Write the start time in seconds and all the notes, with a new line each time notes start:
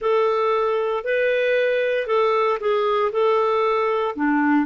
0.00 A4
1.03 B4
2.06 A4
2.60 G#4
3.11 A4
4.15 D4